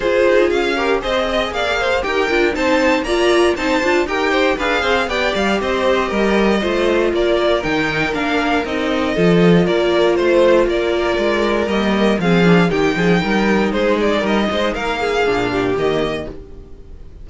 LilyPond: <<
  \new Staff \with { instrumentName = "violin" } { \time 4/4 \tempo 4 = 118 c''4 f''4 dis''4 f''4 | g''4 a''4 ais''4 a''4 | g''4 f''4 g''8 f''8 dis''4~ | dis''2 d''4 g''4 |
f''4 dis''2 d''4 | c''4 d''2 dis''4 | f''4 g''2 c''8 d''8 | dis''4 f''2 dis''4 | }
  \new Staff \with { instrumentName = "violin" } { \time 4/4 gis'4. ais'8 c''8 dis''8 d''8 c''8 | ais'4 c''4 d''4 c''4 | ais'8 c''8 b'8 c''8 d''4 c''4 | ais'4 c''4 ais'2~ |
ais'2 a'4 ais'4 | c''4 ais'2. | gis'4 g'8 gis'8 ais'4 gis'4 | ais'8 c''8 ais'8 gis'4 g'4. | }
  \new Staff \with { instrumentName = "viola" } { \time 4/4 f'4. g'8 gis'2 | g'8 f'8 dis'4 f'4 dis'8 f'8 | g'4 gis'4 g'2~ | g'4 f'2 dis'4 |
d'4 dis'4 f'2~ | f'2. ais4 | c'8 d'8 dis'2.~ | dis'2 d'4 ais4 | }
  \new Staff \with { instrumentName = "cello" } { \time 4/4 f'8 dis'8 cis'4 c'4 ais4 | dis'8 d'8 c'4 ais4 c'8 d'8 | dis'4 d'8 c'8 b8 g8 c'4 | g4 a4 ais4 dis4 |
ais4 c'4 f4 ais4 | a4 ais4 gis4 g4 | f4 dis8 f8 g4 gis4 | g8 gis8 ais4 ais,4 dis4 | }
>>